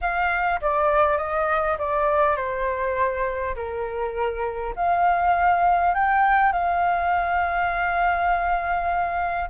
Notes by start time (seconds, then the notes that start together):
0.01 F5
0.61 D5
1.17 D#5
1.78 D5
2.36 C5
3.55 A#4
4.75 F5
5.94 G5
6.52 F5